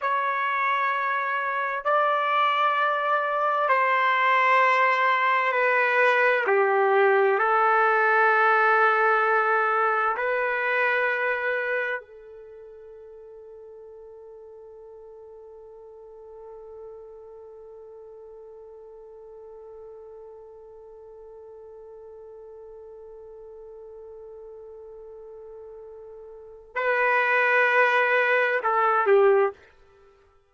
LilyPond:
\new Staff \with { instrumentName = "trumpet" } { \time 4/4 \tempo 4 = 65 cis''2 d''2 | c''2 b'4 g'4 | a'2. b'4~ | b'4 a'2.~ |
a'1~ | a'1~ | a'1~ | a'4 b'2 a'8 g'8 | }